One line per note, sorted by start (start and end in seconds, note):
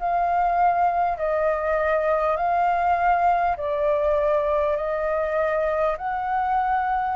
0.00 1.18 F5
1.18 2.37 D#5
2.37 3.57 F5
3.57 4.77 D5
4.77 5.97 D#5
5.98 7.17 F#5